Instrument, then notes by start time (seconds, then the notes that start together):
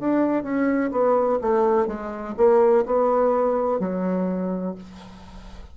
bassoon
0.00 D4
0.43 C#4
0.92 B3
1.42 A3
1.87 G#3
2.37 A#3
2.86 B3
3.80 F#3